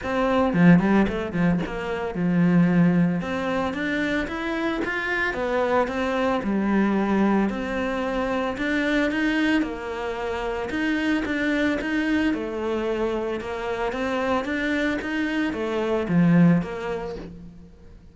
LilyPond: \new Staff \with { instrumentName = "cello" } { \time 4/4 \tempo 4 = 112 c'4 f8 g8 a8 f8 ais4 | f2 c'4 d'4 | e'4 f'4 b4 c'4 | g2 c'2 |
d'4 dis'4 ais2 | dis'4 d'4 dis'4 a4~ | a4 ais4 c'4 d'4 | dis'4 a4 f4 ais4 | }